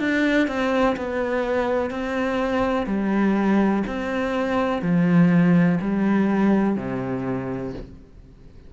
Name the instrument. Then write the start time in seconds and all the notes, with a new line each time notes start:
cello
0.00 D4
0.48 C4
0.97 B3
1.90 C4
2.86 G3
3.87 C4
4.82 F3
5.81 G3
6.77 C3